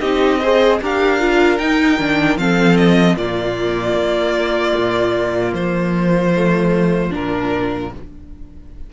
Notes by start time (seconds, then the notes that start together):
0.00 C4 D#4 G4 D#5
0.40 G#4 C5
0.81 D4 G4 A#4 F5
1.19 F4
1.58 D#4 G5
1.98 D#3 D4
2.37 F3 C4 A4 F5
2.77 D#5
3.16 A#2 A#3 F4 D5
3.94 A#3
4.76 A#2
5.53 F3 C5
6.36 A3
7.10 A#2 D4 A#4